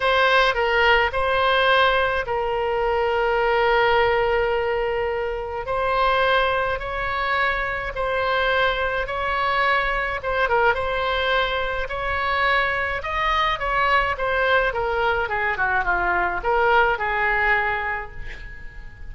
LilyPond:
\new Staff \with { instrumentName = "oboe" } { \time 4/4 \tempo 4 = 106 c''4 ais'4 c''2 | ais'1~ | ais'2 c''2 | cis''2 c''2 |
cis''2 c''8 ais'8 c''4~ | c''4 cis''2 dis''4 | cis''4 c''4 ais'4 gis'8 fis'8 | f'4 ais'4 gis'2 | }